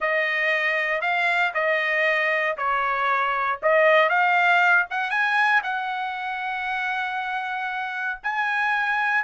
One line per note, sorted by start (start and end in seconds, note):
0.00 1.01 D#5
1.01 1.52 F5
1.54 2.56 D#5
2.57 3.59 C#5
3.62 4.09 D#5
4.09 4.86 F5
4.90 5.10 F#5
5.10 5.61 G#5
5.63 8.19 F#5
8.23 9.24 G#5